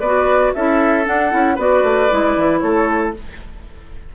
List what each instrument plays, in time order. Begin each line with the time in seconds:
0.00 bassoon B3, clarinet F#4, oboe B4, flute D5
0.54 bassoon C#4, clarinet E4, oboe A4, flute E5
1.04 clarinet D4, bassoon D4, flute F#5
1.30 bassoon C#4, clarinet E4
1.55 bassoon B3, clarinet F#4, oboe B4, flute D5
1.83 bassoon A3
2.10 bassoon G#3, clarinet E4
2.37 bassoon E3
2.59 bassoon A3, oboe A4, flute C#5